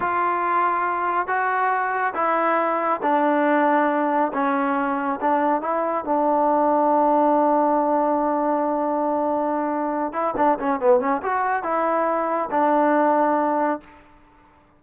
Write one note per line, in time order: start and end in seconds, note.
0.00 1.27 F4
1.27 2.13 F#4
2.14 3.00 E4
3.02 4.32 D4
4.33 5.19 C#4
5.20 5.61 D4
5.61 6.04 E4
6.04 10.12 D4
10.12 10.34 E4
10.37 10.58 D4
10.59 10.80 C#4
10.80 11.00 B3
11.00 11.21 C#4
11.22 11.63 F#4
11.63 12.49 E4
12.50 13.80 D4